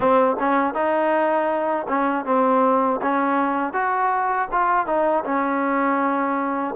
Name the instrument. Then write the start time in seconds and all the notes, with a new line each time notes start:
trombone
0.00 C4
0.39 C#4
0.73 D#4
1.88 C#4
2.25 C4
3.01 C#4
3.73 F#4
4.51 F4
4.86 D#4
5.24 C#4